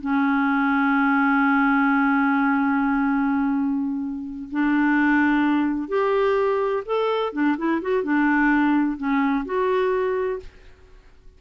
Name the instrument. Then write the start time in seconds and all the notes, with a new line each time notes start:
clarinet
0.00 C#4
4.51 D4
5.88 G4
6.85 A4
7.32 D4
7.57 E4
7.81 F#4
8.03 D4
8.97 C#4
9.45 F#4